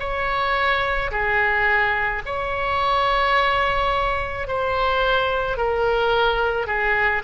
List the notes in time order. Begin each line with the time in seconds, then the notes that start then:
0.00 C#5
1.12 G#4
2.26 C#5
4.48 C5
5.58 A#4
6.67 G#4